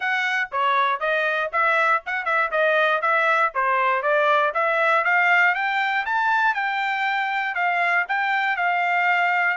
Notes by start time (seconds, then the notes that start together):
0.00 F#5
0.51 C#5
1.00 D#5
1.52 E5
2.06 F#5
2.25 E5
2.51 D#5
3.01 E5
3.54 C5
4.02 D5
4.54 E5
5.04 F5
5.54 G5
6.05 A5
6.54 G5
7.54 F5
8.08 G5
8.56 F5